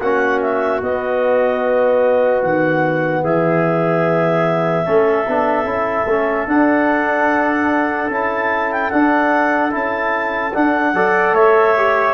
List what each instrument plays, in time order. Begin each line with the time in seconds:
0.00 tuba A#3, trombone C#4, trumpet F#4, clarinet F#5
0.41 clarinet E5
0.81 trombone B3, tuba B3, clarinet D#5
2.43 tuba D#3, clarinet F#5
3.23 tuba E3, trumpet G#4, clarinet E5
4.85 tuba A3, trombone C#4, trumpet A4
5.28 tuba B3, trombone D4
5.65 tuba C#4, trombone E4
6.06 tuba A3, trombone C#4
6.48 tuba D4, trombone D4, clarinet F#5
8.10 tuba C#4, trombone E4, clarinet A5
8.72 clarinet G5
8.90 trombone D4, tuba D4, clarinet F#5
9.71 tuba C#4, trombone E4, clarinet A5
10.54 trombone D4, tuba D4, clarinet F#5
10.94 tuba F#3, trombone A4, trumpet D5
11.33 tuba A3, trumpet C#5, clarinet E5
11.77 trombone G4